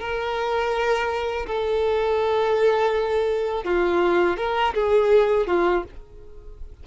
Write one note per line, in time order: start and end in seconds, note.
0.00 1.46 A#4
1.47 3.64 A4
3.64 4.37 F4
4.37 4.74 A#4
4.75 5.47 G#4
5.47 5.84 F4